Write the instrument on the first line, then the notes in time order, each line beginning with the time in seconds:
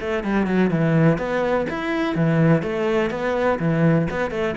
cello
0.00 A3
0.23 G3
0.46 F#3
0.70 E3
1.18 B3
1.69 E4
2.15 E3
2.62 A3
3.10 B3
3.59 E3
4.10 B3
4.30 A3